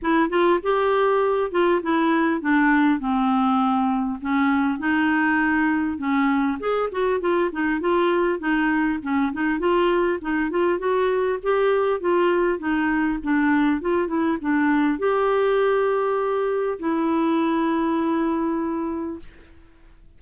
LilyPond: \new Staff \with { instrumentName = "clarinet" } { \time 4/4 \tempo 4 = 100 e'8 f'8 g'4. f'8 e'4 | d'4 c'2 cis'4 | dis'2 cis'4 gis'8 fis'8 | f'8 dis'8 f'4 dis'4 cis'8 dis'8 |
f'4 dis'8 f'8 fis'4 g'4 | f'4 dis'4 d'4 f'8 e'8 | d'4 g'2. | e'1 | }